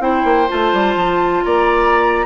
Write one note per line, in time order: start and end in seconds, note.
0.00 0.24 C4
0.00 0.48 E4
0.00 1.45 C5
0.00 0.49 G5
0.25 0.48 A#3
0.48 0.73 A3
0.48 2.26 F4
0.48 1.44 A5
0.73 0.96 G3
0.96 1.43 F3
1.44 2.26 A#3
1.44 2.26 D5
1.44 2.26 A#5